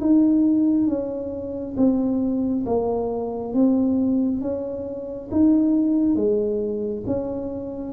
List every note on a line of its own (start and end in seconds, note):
0.00 0.87 D#4
0.87 1.76 C#4
1.76 2.65 C4
2.66 3.53 A#3
3.53 4.41 C4
4.41 5.29 C#4
5.31 6.16 D#4
6.16 7.03 G#3
7.06 7.93 C#4